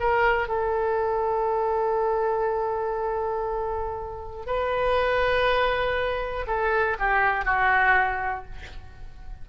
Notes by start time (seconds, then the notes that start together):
0.00 A#4
0.49 A4
4.46 B4
6.48 A4
6.99 G4
7.45 F#4